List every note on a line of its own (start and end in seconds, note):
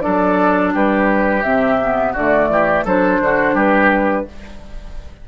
0.00 0.74 F#3
0.00 1.41 D4
0.00 0.74 A4
0.00 0.71 D5
0.74 1.44 G3
0.74 2.12 G4
0.74 1.42 B4
1.42 2.15 C3
1.42 1.79 C4
1.42 2.13 E5
1.80 2.16 B3
2.12 2.48 D3
2.12 2.86 A3
2.12 2.47 F#4
2.12 2.85 D5
2.48 2.84 E3
2.48 2.84 G4
2.84 3.19 F#3
2.84 4.27 D4
2.84 3.19 A4
2.84 3.57 C5
3.19 3.54 D3
3.19 3.54 F#4
3.54 4.24 G3
3.54 4.25 G4
3.54 4.28 B4